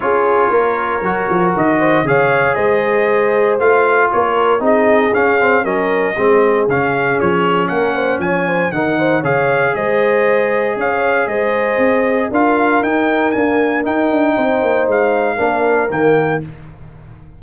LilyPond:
<<
  \new Staff \with { instrumentName = "trumpet" } { \time 4/4 \tempo 4 = 117 cis''2. dis''4 | f''4 dis''2 f''4 | cis''4 dis''4 f''4 dis''4~ | dis''4 f''4 cis''4 fis''4 |
gis''4 fis''4 f''4 dis''4~ | dis''4 f''4 dis''2 | f''4 g''4 gis''4 g''4~ | g''4 f''2 g''4 | }
  \new Staff \with { instrumentName = "horn" } { \time 4/4 gis'4 ais'2~ ais'8 c''8 | cis''4 c''2. | ais'4 gis'2 ais'4 | gis'2. ais'8 c''8 |
cis''8 c''8 ais'8 c''8 cis''4 c''4~ | c''4 cis''4 c''2 | ais'1 | c''2 ais'2 | }
  \new Staff \with { instrumentName = "trombone" } { \time 4/4 f'2 fis'2 | gis'2. f'4~ | f'4 dis'4 cis'8 c'8 cis'4 | c'4 cis'2.~ |
cis'4 dis'4 gis'2~ | gis'1 | f'4 dis'4 ais4 dis'4~ | dis'2 d'4 ais4 | }
  \new Staff \with { instrumentName = "tuba" } { \time 4/4 cis'4 ais4 fis8 f8 dis4 | cis4 gis2 a4 | ais4 c'4 cis'4 fis4 | gis4 cis4 f4 ais4 |
f4 dis4 cis4 gis4~ | gis4 cis'4 gis4 c'4 | d'4 dis'4 d'4 dis'8 d'8 | c'8 ais8 gis4 ais4 dis4 | }
>>